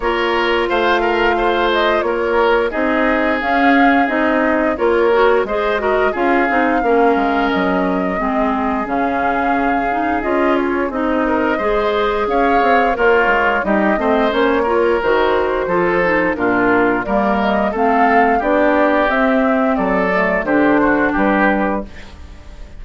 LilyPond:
<<
  \new Staff \with { instrumentName = "flute" } { \time 4/4 \tempo 4 = 88 cis''4 f''4. dis''8 cis''4 | dis''4 f''4 dis''4 cis''4 | dis''4 f''2 dis''4~ | dis''4 f''2 dis''8 cis''8 |
dis''2 f''4 cis''4 | dis''4 cis''4 c''2 | ais'4 d''8 dis''8 f''4 d''4 | e''4 d''4 c''4 b'4 | }
  \new Staff \with { instrumentName = "oboe" } { \time 4/4 ais'4 c''8 ais'8 c''4 ais'4 | gis'2. ais'4 | c''8 ais'8 gis'4 ais'2 | gis'1~ |
gis'8 ais'8 c''4 cis''4 f'4 | g'8 c''4 ais'4. a'4 | f'4 ais'4 a'4 g'4~ | g'4 a'4 g'8 fis'8 g'4 | }
  \new Staff \with { instrumentName = "clarinet" } { \time 4/4 f'1 | dis'4 cis'4 dis'4 f'8 fis'8 | gis'8 fis'8 f'8 dis'8 cis'2 | c'4 cis'4. dis'8 f'4 |
dis'4 gis'2 ais'4 | dis'8 c'8 cis'8 f'8 fis'4 f'8 dis'8 | d'4 ais4 c'4 d'4 | c'4. a8 d'2 | }
  \new Staff \with { instrumentName = "bassoon" } { \time 4/4 ais4 a2 ais4 | c'4 cis'4 c'4 ais4 | gis4 cis'8 c'8 ais8 gis8 fis4 | gis4 cis2 cis'4 |
c'4 gis4 cis'8 c'8 ais8 gis8 | g8 a8 ais4 dis4 f4 | ais,4 g4 a4 b4 | c'4 fis4 d4 g4 | }
>>